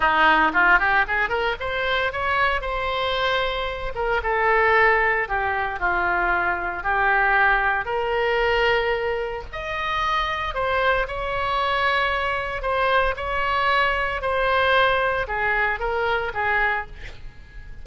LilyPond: \new Staff \with { instrumentName = "oboe" } { \time 4/4 \tempo 4 = 114 dis'4 f'8 g'8 gis'8 ais'8 c''4 | cis''4 c''2~ c''8 ais'8 | a'2 g'4 f'4~ | f'4 g'2 ais'4~ |
ais'2 dis''2 | c''4 cis''2. | c''4 cis''2 c''4~ | c''4 gis'4 ais'4 gis'4 | }